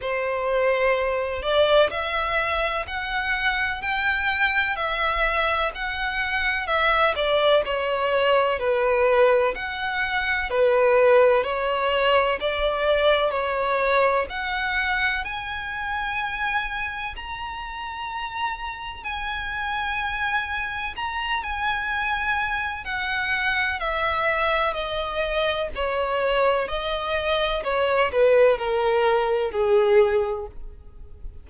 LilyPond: \new Staff \with { instrumentName = "violin" } { \time 4/4 \tempo 4 = 63 c''4. d''8 e''4 fis''4 | g''4 e''4 fis''4 e''8 d''8 | cis''4 b'4 fis''4 b'4 | cis''4 d''4 cis''4 fis''4 |
gis''2 ais''2 | gis''2 ais''8 gis''4. | fis''4 e''4 dis''4 cis''4 | dis''4 cis''8 b'8 ais'4 gis'4 | }